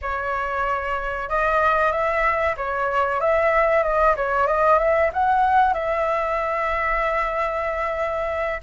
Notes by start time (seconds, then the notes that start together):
0.01 C#5
1.29 D#5
1.91 E5
2.56 C#5
3.20 E5
3.83 D#5
4.16 C#5
4.47 D#5
4.78 E5
5.13 F#5
5.73 E5